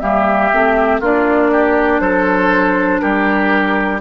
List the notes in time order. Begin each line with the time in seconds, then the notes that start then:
0.00 G3 A#3 G4 E5
0.53 A3 C4
1.00 A#3 D4 F4 D5
1.52 G4
2.00 F#3 A4 C5
3.00 G3 G4 A#4